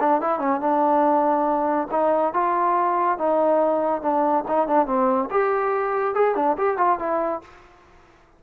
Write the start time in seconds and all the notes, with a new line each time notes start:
0.00 D4
0.21 E4
0.39 C#4
0.61 D4
1.91 D#4
2.34 F4
3.18 D#4
4.02 D4
4.48 D#4
4.68 D4
4.87 C4
5.31 G4
6.15 G#4
6.36 D4
6.58 G4
6.78 F4
6.99 E4